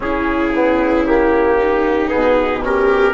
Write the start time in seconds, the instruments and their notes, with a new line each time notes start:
0.00 bassoon C#3, trombone C#4, viola E4, trumpet G#4
0.55 trombone B3
1.06 trombone A#3, trumpet G4
1.58 viola D#4
2.07 trombone B3, trumpet G#4
2.13 bassoon B2
2.62 trombone C#4, viola G4, trumpet A#4